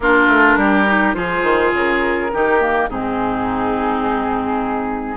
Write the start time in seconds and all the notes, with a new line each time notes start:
0.00 A#3 D4 F4 A#4
0.27 A3
0.56 G3 G4
0.87 D#4
1.14 F3 F4 G#4 C5
1.43 D#3
1.73 C#3 A#4
2.32 D#3 D#4 G4
2.60 A#3
2.89 G#2 C4 D#4 G#4